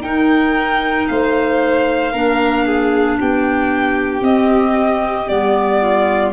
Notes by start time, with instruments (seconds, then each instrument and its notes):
0.00 tuba D#4, clarinet D#4, violin A#4 G5
1.08 tuba A3, violin C5 F5
2.12 tuba A#3, clarinet D4, violin A#4
2.66 violin G#4
3.20 tuba B3, violin G4 G5
4.21 tuba C4, clarinet C4, violin D#5
5.28 tuba G3, clarinet B3, violin D5
5.81 violin F4